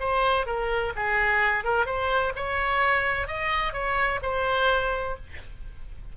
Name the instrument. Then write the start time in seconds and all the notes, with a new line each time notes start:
oboe
0.00 C5
0.46 A#4
0.96 G#4
1.64 A#4
1.86 C5
2.36 C#5
3.27 D#5
3.73 C#5
4.23 C5